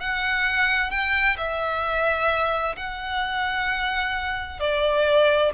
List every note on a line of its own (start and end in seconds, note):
0.00 0.91 F#5
0.91 1.37 G5
1.38 2.76 E5
2.77 4.60 F#5
4.60 5.52 D5